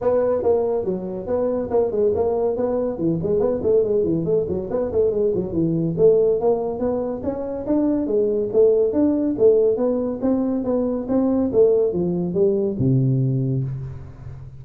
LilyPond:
\new Staff \with { instrumentName = "tuba" } { \time 4/4 \tempo 4 = 141 b4 ais4 fis4 b4 | ais8 gis8 ais4 b4 e8 gis8 | b8 a8 gis8 e8 a8 fis8 b8 a8 | gis8 fis8 e4 a4 ais4 |
b4 cis'4 d'4 gis4 | a4 d'4 a4 b4 | c'4 b4 c'4 a4 | f4 g4 c2 | }